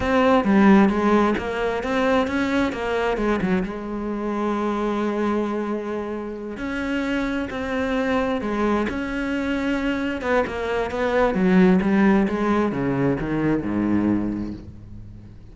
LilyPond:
\new Staff \with { instrumentName = "cello" } { \time 4/4 \tempo 4 = 132 c'4 g4 gis4 ais4 | c'4 cis'4 ais4 gis8 fis8 | gis1~ | gis2~ gis8 cis'4.~ |
cis'8 c'2 gis4 cis'8~ | cis'2~ cis'8 b8 ais4 | b4 fis4 g4 gis4 | cis4 dis4 gis,2 | }